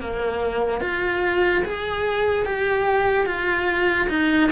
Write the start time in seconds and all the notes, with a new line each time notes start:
0.00 A#3
0.81 F4
1.65 G#4
2.45 G4
3.26 F4
4.09 D#4